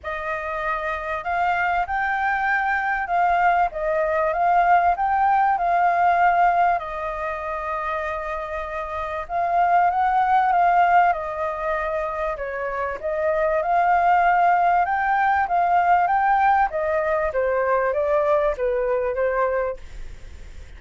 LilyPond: \new Staff \with { instrumentName = "flute" } { \time 4/4 \tempo 4 = 97 dis''2 f''4 g''4~ | g''4 f''4 dis''4 f''4 | g''4 f''2 dis''4~ | dis''2. f''4 |
fis''4 f''4 dis''2 | cis''4 dis''4 f''2 | g''4 f''4 g''4 dis''4 | c''4 d''4 b'4 c''4 | }